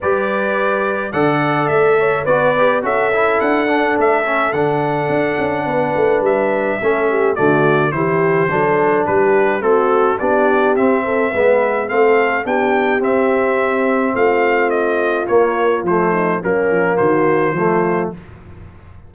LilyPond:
<<
  \new Staff \with { instrumentName = "trumpet" } { \time 4/4 \tempo 4 = 106 d''2 fis''4 e''4 | d''4 e''4 fis''4 e''4 | fis''2. e''4~ | e''4 d''4 c''2 |
b'4 a'4 d''4 e''4~ | e''4 f''4 g''4 e''4~ | e''4 f''4 dis''4 cis''4 | c''4 ais'4 c''2 | }
  \new Staff \with { instrumentName = "horn" } { \time 4/4 b'2 d''4. cis''8 | b'4 a'2.~ | a'2 b'2 | a'8 g'8 fis'4 g'4 a'4 |
g'4 fis'4 g'4. a'8 | b'4 a'4 g'2~ | g'4 f'2.~ | f'8 dis'8 cis'4 fis'4 f'4 | }
  \new Staff \with { instrumentName = "trombone" } { \time 4/4 g'2 a'2 | fis'8 g'8 fis'8 e'4 d'4 cis'8 | d'1 | cis'4 a4 e'4 d'4~ |
d'4 c'4 d'4 c'4 | b4 c'4 d'4 c'4~ | c'2. ais4 | a4 ais2 a4 | }
  \new Staff \with { instrumentName = "tuba" } { \time 4/4 g2 d4 a4 | b4 cis'4 d'4 a4 | d4 d'8 cis'8 b8 a8 g4 | a4 d4 e4 fis4 |
g4 a4 b4 c'4 | gis4 a4 b4 c'4~ | c'4 a2 ais4 | f4 fis8 f8 dis4 f4 | }
>>